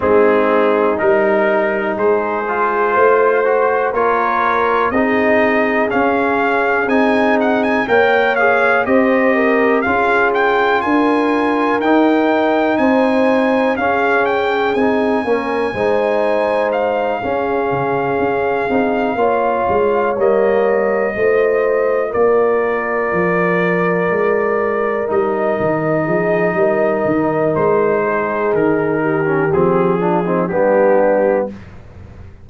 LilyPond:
<<
  \new Staff \with { instrumentName = "trumpet" } { \time 4/4 \tempo 4 = 61 gis'4 ais'4 c''2 | cis''4 dis''4 f''4 gis''8 fis''16 gis''16 | g''8 f''8 dis''4 f''8 g''8 gis''4 | g''4 gis''4 f''8 g''8 gis''4~ |
gis''4 f''2.~ | f''8 dis''2 d''4.~ | d''4. dis''2~ dis''8 | c''4 ais'4 gis'4 g'4 | }
  \new Staff \with { instrumentName = "horn" } { \time 4/4 dis'2 gis'4 c''4 | ais'4 gis'2. | cis''4 c''8 ais'8 gis'4 ais'4~ | ais'4 c''4 gis'4. ais'8 |
c''4. gis'2 cis''8~ | cis''4. c''4 ais'4.~ | ais'2~ ais'8 gis'8 ais'4~ | ais'8 gis'4 g'4 f'16 dis'16 d'4 | }
  \new Staff \with { instrumentName = "trombone" } { \time 4/4 c'4 dis'4. f'4 fis'8 | f'4 dis'4 cis'4 dis'4 | ais'8 gis'8 g'4 f'2 | dis'2 cis'4 dis'8 cis'8 |
dis'4. cis'4. dis'8 f'8~ | f'8 ais4 f'2~ f'8~ | f'4. dis'2~ dis'8~ | dis'4.~ dis'16 cis'16 c'8 d'16 c'16 b4 | }
  \new Staff \with { instrumentName = "tuba" } { \time 4/4 gis4 g4 gis4 a4 | ais4 c'4 cis'4 c'4 | ais4 c'4 cis'4 d'4 | dis'4 c'4 cis'4 c'8 ais8 |
gis4. cis'8 cis8 cis'8 c'8 ais8 | gis8 g4 a4 ais4 f8~ | f8 gis4 g8 dis8 f8 g8 dis8 | gis4 dis4 f4 g4 | }
>>